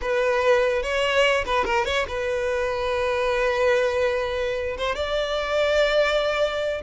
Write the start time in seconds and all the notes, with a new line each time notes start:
0.01 B4
0.82 C#5
1.45 B4
1.65 A#4
1.85 C#5
2.08 B4
4.77 C5
4.95 D5